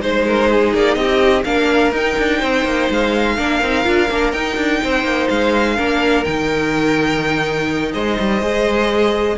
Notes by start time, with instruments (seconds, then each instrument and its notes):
0.00 cello G#3, viola D#4, violin C5
0.26 violin A#4
0.52 violin G#4
0.74 cello A#3, violin D5
0.95 cello C4, violin G4 D#5
1.44 cello A#3, viola D4, violin A#4 F5
1.92 cello D#4, viola D#4, violin G5
2.18 cello D4
2.38 cello C4, violin C5
2.65 cello A#3
2.90 cello G#3, violin F5
3.37 cello A#3, viola D4, violin A#4
3.62 cello C4, viola D#4
3.83 cello D4, viola F4
4.10 cello A#3, viola D4
4.32 cello D#4, viola D#4, violin G5
4.57 cello D4
4.83 cello C4, violin C5
5.03 cello A#3
5.29 cello G#3, violin F5
5.75 cello A#3, viola D4, violin A#4
6.24 cello D#3, viola D#4, violin G5
7.92 cello G#3, violin C5 D#5
8.19 cello G3
8.41 cello G#3, viola G#4